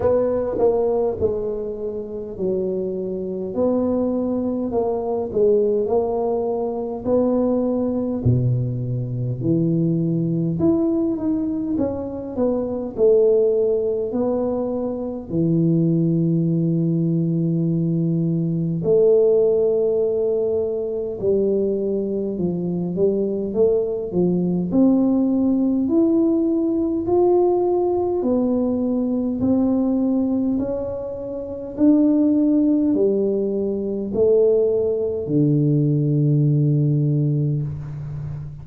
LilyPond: \new Staff \with { instrumentName = "tuba" } { \time 4/4 \tempo 4 = 51 b8 ais8 gis4 fis4 b4 | ais8 gis8 ais4 b4 b,4 | e4 e'8 dis'8 cis'8 b8 a4 | b4 e2. |
a2 g4 f8 g8 | a8 f8 c'4 e'4 f'4 | b4 c'4 cis'4 d'4 | g4 a4 d2 | }